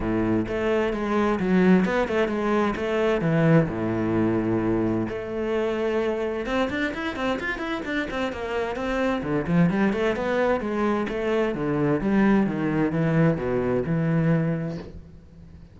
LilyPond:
\new Staff \with { instrumentName = "cello" } { \time 4/4 \tempo 4 = 130 a,4 a4 gis4 fis4 | b8 a8 gis4 a4 e4 | a,2. a4~ | a2 c'8 d'8 e'8 c'8 |
f'8 e'8 d'8 c'8 ais4 c'4 | d8 f8 g8 a8 b4 gis4 | a4 d4 g4 dis4 | e4 b,4 e2 | }